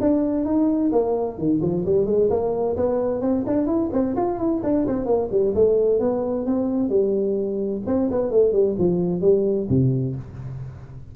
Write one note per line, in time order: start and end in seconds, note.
0.00 0.45 D4
0.45 0.91 D#4
0.92 1.38 A#3
1.38 1.61 D#3
1.62 1.85 F3
1.85 2.06 G3
2.06 2.29 G#3
2.30 2.76 A#3
2.76 3.21 B3
3.21 3.44 C4
3.46 3.66 D4
3.66 3.89 E4
3.92 4.15 C4
4.16 4.38 F4
4.38 4.62 E4
4.63 4.86 D4
4.87 5.05 C4
5.05 5.28 A#3
5.31 5.54 G3
5.54 6.00 A3
6.00 6.46 B3
6.46 6.89 C4
6.89 7.81 G3
7.87 8.10 C4
8.10 8.31 B3
8.31 8.52 A3
8.52 8.75 G3
8.78 9.21 F3
9.21 9.67 G3
9.69 10.15 C3